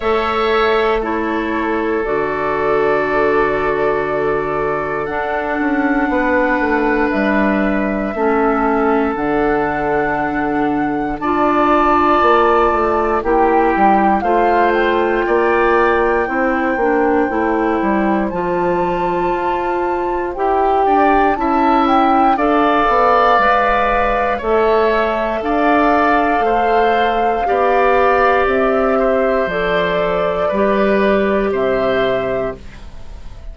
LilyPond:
<<
  \new Staff \with { instrumentName = "flute" } { \time 4/4 \tempo 4 = 59 e''4 cis''4 d''2~ | d''4 fis''2 e''4~ | e''4 fis''2 a''4~ | a''4 g''4 f''8 g''4.~ |
g''2 a''2 | g''4 a''8 g''8 f''2 | e''4 f''2. | e''4 d''2 e''4 | }
  \new Staff \with { instrumentName = "oboe" } { \time 4/4 cis''4 a'2.~ | a'2 b'2 | a'2. d''4~ | d''4 g'4 c''4 d''4 |
c''1~ | c''8 d''8 e''4 d''2 | cis''4 d''4 c''4 d''4~ | d''8 c''4. b'4 c''4 | }
  \new Staff \with { instrumentName = "clarinet" } { \time 4/4 a'4 e'4 fis'2~ | fis'4 d'2. | cis'4 d'2 f'4~ | f'4 e'4 f'2 |
e'8 d'8 e'4 f'2 | g'4 e'4 a'4 b'4 | a'2. g'4~ | g'4 a'4 g'2 | }
  \new Staff \with { instrumentName = "bassoon" } { \time 4/4 a2 d2~ | d4 d'8 cis'8 b8 a8 g4 | a4 d2 d'4 | ais8 a8 ais8 g8 a4 ais4 |
c'8 ais8 a8 g8 f4 f'4 | e'8 d'8 cis'4 d'8 b8 gis4 | a4 d'4 a4 b4 | c'4 f4 g4 c4 | }
>>